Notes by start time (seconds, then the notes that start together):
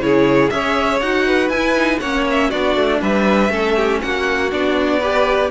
0.00 C#3 E4 G#4 C#5
0.50 C#4 G#4 C#5 E5
1.01 D#4 F#4 F#5
1.27 B4
1.50 E4 G#5
1.76 D#4
2.00 A#3 C#4 C#5 F#5
2.31 E5
2.49 B3 D4 F#4 D5
2.76 A3
3.02 G3 B4 E5
3.50 A3 C#4 A4
3.76 G4
4.02 A#3 F#4 F#5
4.51 B3 D4 D5
5.01 G4 B4